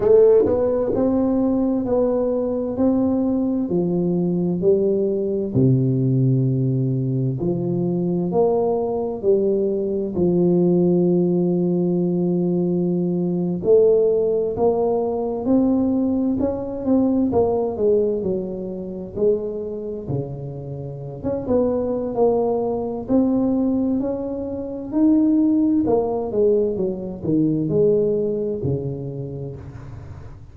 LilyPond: \new Staff \with { instrumentName = "tuba" } { \time 4/4 \tempo 4 = 65 a8 b8 c'4 b4 c'4 | f4 g4 c2 | f4 ais4 g4 f4~ | f2~ f8. a4 ais16~ |
ais8. c'4 cis'8 c'8 ais8 gis8 fis16~ | fis8. gis4 cis4~ cis16 cis'16 b8. | ais4 c'4 cis'4 dis'4 | ais8 gis8 fis8 dis8 gis4 cis4 | }